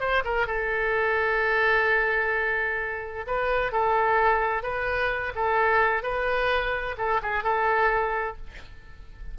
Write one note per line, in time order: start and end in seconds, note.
0.00 0.23 C5
0.25 0.47 A#4
0.47 3.26 A4
3.27 3.72 B4
3.72 4.63 A4
4.63 5.33 B4
5.36 6.03 A4
6.03 6.96 B4
6.98 7.21 A4
7.23 7.44 G#4
7.44 8.37 A4